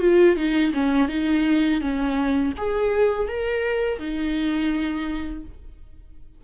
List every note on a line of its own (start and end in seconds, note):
0.00 0.36 F4
0.36 0.72 D#4
0.74 1.08 C#4
1.08 1.80 D#4
1.80 2.53 C#4
2.57 3.28 G#4
3.28 3.99 A#4
3.99 5.43 D#4